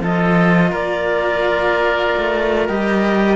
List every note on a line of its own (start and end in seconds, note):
0.00 0.71 F3
0.00 2.69 F4
0.00 0.71 A4
0.00 0.74 D#5
0.71 2.15 A#3
0.71 3.36 A#4
0.71 2.68 D5
2.17 2.69 A3
2.68 3.36 G3
2.68 3.36 G4
2.68 3.36 D#5